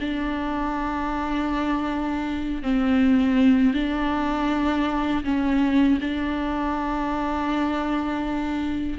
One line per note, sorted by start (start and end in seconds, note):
0.00 2.62 D4
2.62 3.74 C4
3.74 5.24 D4
5.24 5.99 C#4
6.00 8.98 D4